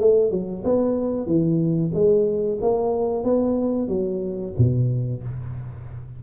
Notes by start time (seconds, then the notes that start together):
0.00 A3
0.31 F#3
0.64 B3
1.26 E3
1.93 G#3
2.61 A#3
3.23 B3
3.88 F#3
4.57 B2